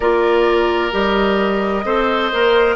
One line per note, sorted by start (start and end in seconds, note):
0.00 0.92 A#3
0.00 0.91 F4
0.00 1.84 A#4
0.00 0.92 D5
0.91 1.84 G3
0.91 1.84 G4
0.91 2.75 D#5
1.84 2.30 C4
1.84 2.31 A4
1.84 2.75 C5
2.32 2.75 A#3
2.32 2.75 A#4